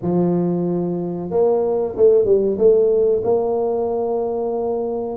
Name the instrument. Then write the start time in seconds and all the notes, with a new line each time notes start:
tuba
0.02 F3
1.30 A#3
1.96 A3
2.25 G3
2.57 A3
3.24 A#3